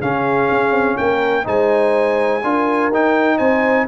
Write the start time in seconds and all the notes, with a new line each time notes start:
0.00 C#3 C#4 G#4 F5
0.51 C#4
0.71 C4
0.97 A#3 A#4 G5
1.44 G#3 D#4 C5 G#5
2.43 D4 F4 A#4
2.90 D#4 G5
3.37 C4 C5 G#5